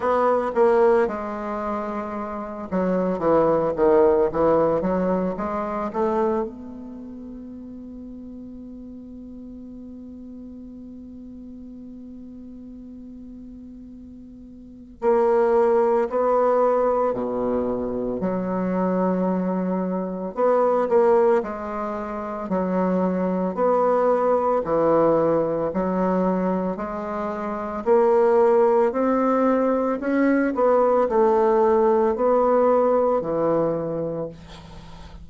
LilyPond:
\new Staff \with { instrumentName = "bassoon" } { \time 4/4 \tempo 4 = 56 b8 ais8 gis4. fis8 e8 dis8 | e8 fis8 gis8 a8 b2~ | b1~ | b2 ais4 b4 |
b,4 fis2 b8 ais8 | gis4 fis4 b4 e4 | fis4 gis4 ais4 c'4 | cis'8 b8 a4 b4 e4 | }